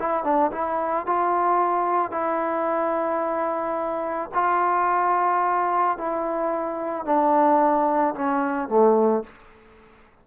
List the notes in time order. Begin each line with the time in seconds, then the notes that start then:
0.00 E4
0.24 D4
0.52 E4
1.07 F4
2.12 E4
4.35 F4
5.98 E4
7.06 D4
8.15 C#4
8.69 A3